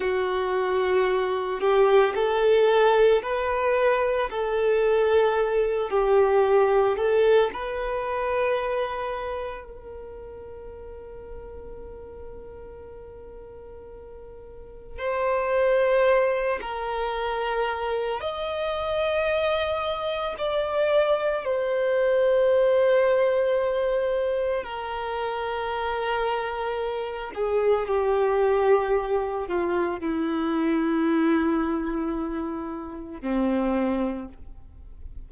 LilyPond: \new Staff \with { instrumentName = "violin" } { \time 4/4 \tempo 4 = 56 fis'4. g'8 a'4 b'4 | a'4. g'4 a'8 b'4~ | b'4 ais'2.~ | ais'2 c''4. ais'8~ |
ais'4 dis''2 d''4 | c''2. ais'4~ | ais'4. gis'8 g'4. f'8 | e'2. c'4 | }